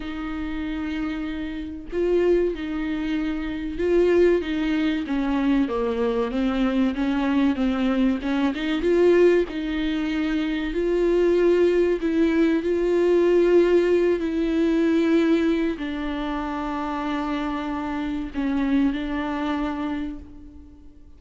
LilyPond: \new Staff \with { instrumentName = "viola" } { \time 4/4 \tempo 4 = 95 dis'2. f'4 | dis'2 f'4 dis'4 | cis'4 ais4 c'4 cis'4 | c'4 cis'8 dis'8 f'4 dis'4~ |
dis'4 f'2 e'4 | f'2~ f'8 e'4.~ | e'4 d'2.~ | d'4 cis'4 d'2 | }